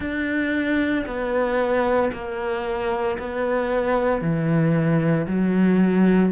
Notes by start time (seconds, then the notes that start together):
0.00 D4
1.06 B3
2.12 A#3
3.19 B3
4.21 E3
5.26 F#3